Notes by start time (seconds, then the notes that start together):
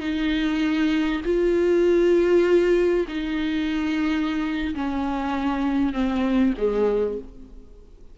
0.00 D#4
1.25 F4
3.08 D#4
4.75 C#4
5.93 C4
6.58 G#3